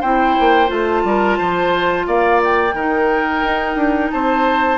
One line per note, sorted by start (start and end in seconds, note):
0.00 0.36 C4
0.00 0.66 E4
0.00 1.02 C5
0.00 0.69 G5
0.39 0.69 A#3
0.66 1.04 A3
0.66 2.71 F4
0.66 2.07 A5
1.04 1.38 G3
1.04 1.38 A#4
1.38 2.07 F3
1.38 2.06 C5
2.07 2.74 A#3
2.07 2.75 D5
2.07 2.41 F5
2.43 4.10 G5
2.74 3.42 D#3
2.74 4.78 D#4
2.74 4.11 A#4
3.43 3.75 D#4
3.75 4.09 D4
4.10 4.78 C4
4.10 4.78 C5
4.10 4.78 A5